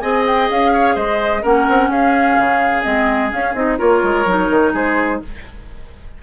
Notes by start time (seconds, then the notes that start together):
0.00 C4 G#4 D#5 G#5
0.26 G5
0.50 C#4 F5
0.73 C#5
0.95 G#3 C5 D#5
1.42 A#3 C#4 A#4 F#5
1.69 C4
1.89 C#4 G#4 F5
2.39 C#3
2.83 G#3 C4 D#5
3.30 C#4 F5
3.54 C4 D#4 D#5
3.78 A#3 F4 A#4 C#5
4.03 G#3
4.26 F#3 D#4
4.50 D#3
4.73 G#3 G#4 C5